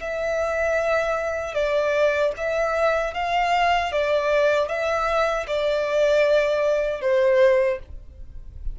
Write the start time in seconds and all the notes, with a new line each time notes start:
0.00 E5
1.54 D5
2.37 E5
3.14 F5
3.92 D5
4.69 E5
5.47 D5
7.01 C5